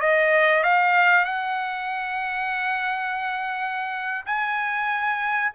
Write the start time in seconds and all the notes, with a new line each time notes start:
0.00 D#5
0.63 F5
1.25 F#5
4.25 G#5